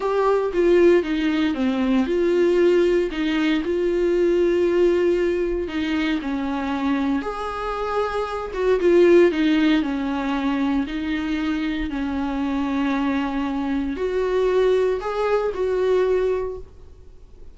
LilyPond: \new Staff \with { instrumentName = "viola" } { \time 4/4 \tempo 4 = 116 g'4 f'4 dis'4 c'4 | f'2 dis'4 f'4~ | f'2. dis'4 | cis'2 gis'2~ |
gis'8 fis'8 f'4 dis'4 cis'4~ | cis'4 dis'2 cis'4~ | cis'2. fis'4~ | fis'4 gis'4 fis'2 | }